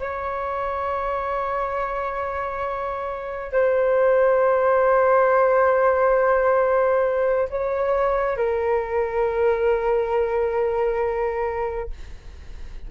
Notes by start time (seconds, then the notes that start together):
0.00 C#5
3.52 C5
7.50 C#5
8.37 A#4